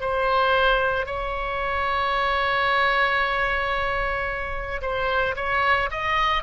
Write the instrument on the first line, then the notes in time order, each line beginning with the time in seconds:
oboe
0.00 C5
1.06 C#5
4.81 C5
5.36 C#5
5.90 D#5